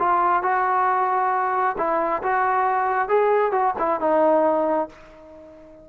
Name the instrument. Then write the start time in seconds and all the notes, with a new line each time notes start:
trombone
0.00 F4
0.43 F#4
1.78 E4
2.23 F#4
3.09 G#4
3.52 F#4
3.79 E4
4.01 D#4